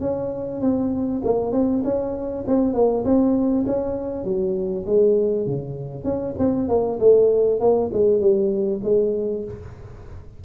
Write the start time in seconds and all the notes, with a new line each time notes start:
0.00 C#4
0.61 C4
1.25 A#3
1.52 C4
1.84 C#4
2.47 C4
2.74 A#3
3.05 C4
3.66 C#4
4.25 F#3
4.86 G#3
5.46 C#3
6.04 C#4
6.38 C4
6.69 A#3
7.00 A3
7.60 A#3
7.93 G#3
8.20 G3
8.84 G#3